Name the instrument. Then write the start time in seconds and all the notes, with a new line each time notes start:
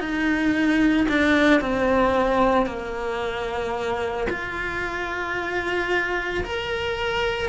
cello
0.00 D#4
1.09 D4
1.61 C4
2.66 A#3
4.30 F4
6.44 A#4